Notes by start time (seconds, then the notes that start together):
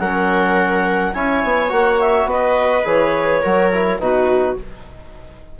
0.00 F#3 C#4 A#4 F#5
1.14 C#4 E4 C#5 G#5
1.44 B3
1.70 A#3 F#4 F#5
2.01 E5
2.26 B3 B4 D#5
2.85 E3 G#4 C#5
3.42 F#3 F#4 A#4
3.73 E4
4.00 B2 D#4 F#4 B4